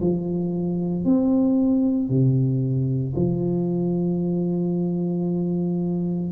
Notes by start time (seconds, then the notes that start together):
0.00 F3
1.04 C4
2.09 C3
3.15 F3